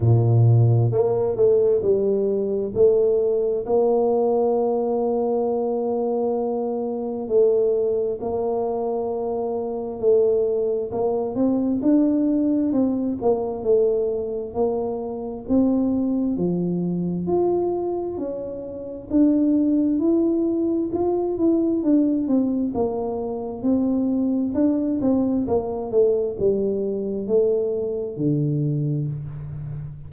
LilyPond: \new Staff \with { instrumentName = "tuba" } { \time 4/4 \tempo 4 = 66 ais,4 ais8 a8 g4 a4 | ais1 | a4 ais2 a4 | ais8 c'8 d'4 c'8 ais8 a4 |
ais4 c'4 f4 f'4 | cis'4 d'4 e'4 f'8 e'8 | d'8 c'8 ais4 c'4 d'8 c'8 | ais8 a8 g4 a4 d4 | }